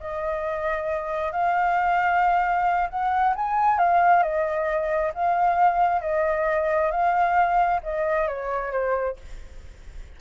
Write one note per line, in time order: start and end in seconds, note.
0.00 1.32 D#5
1.32 2.89 F5
2.89 3.34 F#5
3.35 3.78 G#5
3.78 4.23 F5
4.23 5.12 D#5
5.14 6.01 F5
6.01 6.91 D#5
6.91 7.81 F5
7.83 8.27 D#5
8.27 8.71 C#5
8.71 9.16 C5